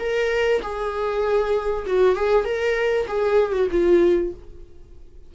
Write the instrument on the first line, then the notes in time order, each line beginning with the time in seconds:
viola
0.00 A#4
0.62 G#4
1.87 F#4
2.16 G#4
2.45 A#4
3.08 G#4
3.53 F#4
3.72 F4